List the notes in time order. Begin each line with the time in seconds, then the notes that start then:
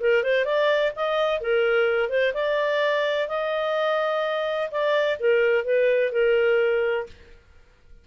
0.00 A#4
0.23 C5
0.45 D5
0.96 D#5
1.40 A#4
2.09 C5
2.34 D5
3.28 D#5
4.71 D5
5.19 A#4
5.65 B4
6.12 A#4